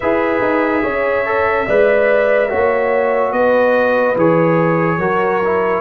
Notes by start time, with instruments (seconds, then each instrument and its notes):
0.00 tuba E4, trombone G#4, horn B4, trumpet E5
0.41 tuba D#4
0.82 tuba C#4, horn C#5
1.25 trombone A4
1.66 tuba G#3, trombone B4, horn D5
2.49 tuba A#3, trombone F#4, horn C#5
3.31 tuba B3, horn B4, trumpet D#5
4.16 tuba E3, trombone G#4, trumpet C#5
4.98 tuba F#3, trombone F#4, horn A#4
5.44 trombone E4